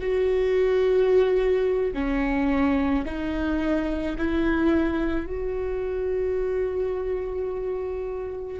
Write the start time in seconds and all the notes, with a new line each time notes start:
0.00 F#4
1.93 C#4
3.05 D#4
4.18 E4
5.26 F#4